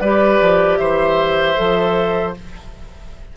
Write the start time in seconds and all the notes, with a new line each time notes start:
0.00 G3 G4 B4 D5
0.41 F3
0.77 E3 C5 E5
1.56 F3 A4